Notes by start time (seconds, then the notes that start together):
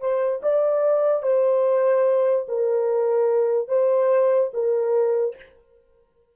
0.00 C5
0.43 D5
1.22 C5
2.48 A#4
3.68 C5
4.53 A#4